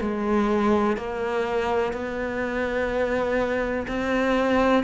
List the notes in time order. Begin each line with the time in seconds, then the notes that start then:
0.00 G#3
0.96 A#3
1.93 B3
3.87 C4